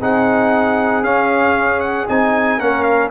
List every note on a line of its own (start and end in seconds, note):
0.00 1.03 C4
0.00 1.03 D#4
0.00 2.58 G#4
0.00 1.03 F#5
1.03 2.07 C#4
1.03 1.80 F5
1.80 2.06 F#5
2.08 2.59 C4
2.08 2.59 D#4
2.08 2.60 G#5
2.58 3.10 A#3
2.58 3.10 C#4
2.58 3.09 A#4
2.58 2.83 F#5
2.83 3.08 F5